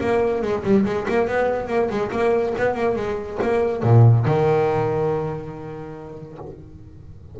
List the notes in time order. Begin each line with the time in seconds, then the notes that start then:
0.00 A#3
0.41 G#3
0.63 G3
0.85 G#3
1.08 A#3
1.27 B3
1.67 A#3
1.90 G#3
2.11 A#3
2.57 B3
2.74 A#3
2.96 G#3
3.42 A#3
3.82 A#2
4.25 D#3